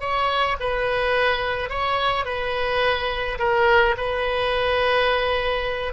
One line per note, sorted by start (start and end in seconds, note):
0.00 0.57 C#5
0.60 1.69 B4
1.69 2.25 C#5
2.25 3.38 B4
3.39 3.95 A#4
3.97 5.93 B4